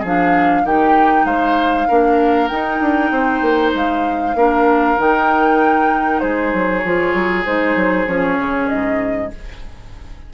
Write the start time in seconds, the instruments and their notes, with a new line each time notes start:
0.00 bassoon F3, clarinet D4, oboe G#4, flute F5
0.64 bassoon D#3, clarinet D#4, oboe G4, flute G5
1.25 bassoon G#3, oboe C5, flute F5
1.88 bassoon A#3, clarinet D4, oboe A#4
2.48 clarinet D#4, bassoon D#4, flute G5
2.81 bassoon D4
3.11 bassoon C4, oboe C5
3.42 bassoon A#3
3.74 bassoon G#3, flute F5
4.35 bassoon A#3, clarinet D4, oboe A#4
4.98 bassoon D#3, clarinet D#4, flute G5
6.20 bassoon G#3, oboe G#4, flute C5
6.54 bassoon F#3
6.80 bassoon F3, clarinet F4, flute C#5
7.15 bassoon F#3
7.45 bassoon G#3, clarinet D#4, flute C5
7.76 bassoon F#3
8.07 bassoon F3, clarinet C#4, flute C#5
8.38 bassoon C#3
8.69 bassoon G#2, flute D#5